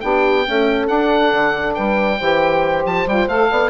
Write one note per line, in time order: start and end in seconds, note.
0.00 0.46 B3
0.00 0.45 D4
0.00 0.47 G4
0.00 0.87 G5
0.45 0.87 A3
0.45 0.89 C#4
0.45 1.75 A4
0.87 2.17 D4
0.87 1.33 D4
0.87 1.74 F#5
1.33 1.76 D3
1.74 2.20 G3
1.74 2.18 B4
1.74 2.83 G5
2.18 2.85 E3
2.18 3.07 G4
2.18 3.48 C5
2.85 3.07 F3
2.85 3.08 A5
3.07 3.28 G3
3.07 3.28 F4
3.07 3.28 G5
3.28 3.49 A3
3.28 3.70 A4
3.28 3.70 F5
3.51 3.70 B3
3.51 3.70 D5